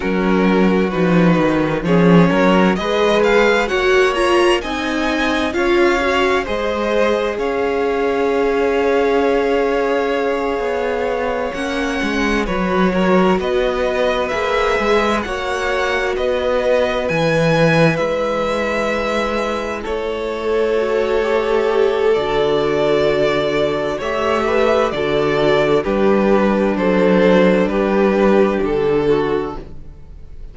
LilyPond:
<<
  \new Staff \with { instrumentName = "violin" } { \time 4/4 \tempo 4 = 65 ais'4 b'4 cis''4 dis''8 f''8 | fis''8 ais''8 gis''4 f''4 dis''4 | f''1~ | f''8 fis''4 cis''4 dis''4 e''8~ |
e''8 fis''4 dis''4 gis''4 e''8~ | e''4. cis''2~ cis''8 | d''2 e''4 d''4 | b'4 c''4 b'4 a'4 | }
  \new Staff \with { instrumentName = "violin" } { \time 4/4 fis'2 gis'8 ais'8 b'4 | cis''4 dis''4 cis''4 c''4 | cis''1~ | cis''4. b'8 ais'8 b'4.~ |
b'8 cis''4 b'2~ b'8~ | b'4. a'2~ a'8~ | a'2 cis''8 b'8 a'4 | g'4 a'4 g'4. fis'8 | }
  \new Staff \with { instrumentName = "viola" } { \time 4/4 cis'4 dis'4 cis'4 gis'4 | fis'8 f'8 dis'4 f'8 fis'8 gis'4~ | gis'1~ | gis'8 cis'4 fis'2 gis'8~ |
gis'8 fis'2 e'4.~ | e'2~ e'8 fis'8 g'4 | fis'2 g'4 fis'4 | d'1 | }
  \new Staff \with { instrumentName = "cello" } { \time 4/4 fis4 f8 dis8 f8 fis8 gis4 | ais4 c'4 cis'4 gis4 | cis'2.~ cis'8 b8~ | b8 ais8 gis8 fis4 b4 ais8 |
gis8 ais4 b4 e4 gis8~ | gis4. a2~ a8 | d2 a4 d4 | g4 fis4 g4 d4 | }
>>